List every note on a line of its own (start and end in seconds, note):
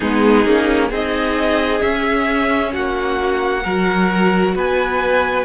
0.00 0.45 G#3
0.00 0.45 B3
0.00 0.89 D#4
0.00 0.90 G#4
0.45 0.90 A#3
0.45 0.91 C#4
0.89 1.81 C4
0.89 1.80 D#4
0.89 2.70 G#4
0.89 1.81 D#5
1.80 3.62 C#4
1.80 2.74 C#4
1.80 2.72 E5
2.73 3.65 A#3
2.73 3.63 F#4
2.73 4.55 F#5
3.63 4.55 F#3
3.63 5.45 F#4
3.63 4.54 A#4
4.55 5.45 B3
4.55 5.45 B4
4.55 5.45 G#5